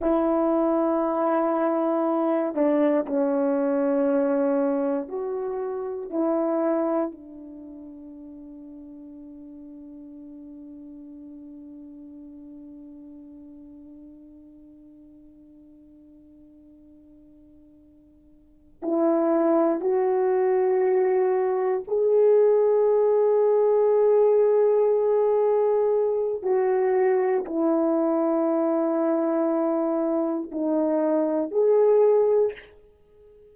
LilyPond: \new Staff \with { instrumentName = "horn" } { \time 4/4 \tempo 4 = 59 e'2~ e'8 d'8 cis'4~ | cis'4 fis'4 e'4 d'4~ | d'1~ | d'1~ |
d'2~ d'8 e'4 fis'8~ | fis'4. gis'2~ gis'8~ | gis'2 fis'4 e'4~ | e'2 dis'4 gis'4 | }